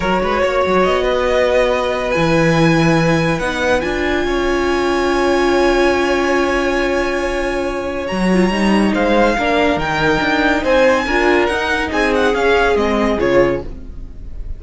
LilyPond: <<
  \new Staff \with { instrumentName = "violin" } { \time 4/4 \tempo 4 = 141 cis''2 dis''2~ | dis''4 gis''2. | fis''4 gis''2.~ | gis''1~ |
gis''2. ais''4~ | ais''4 f''2 g''4~ | g''4 gis''2 fis''4 | gis''8 fis''8 f''4 dis''4 cis''4 | }
  \new Staff \with { instrumentName = "violin" } { \time 4/4 ais'8 b'8 cis''4. b'4.~ | b'1~ | b'2 cis''2~ | cis''1~ |
cis''1~ | cis''4 c''4 ais'2~ | ais'4 c''4 ais'2 | gis'1 | }
  \new Staff \with { instrumentName = "viola" } { \time 4/4 fis'1~ | fis'4 e'2. | dis'4 f'2.~ | f'1~ |
f'2. fis'8 f'8 | dis'2 d'4 dis'4~ | dis'2 f'4 dis'4~ | dis'4 cis'4 c'4 f'4 | }
  \new Staff \with { instrumentName = "cello" } { \time 4/4 fis8 gis8 ais8 fis8 b2~ | b4 e2. | b4 d'4 cis'2~ | cis'1~ |
cis'2. fis4 | g4 gis4 ais4 dis4 | d'4 c'4 d'4 dis'4 | c'4 cis'4 gis4 cis4 | }
>>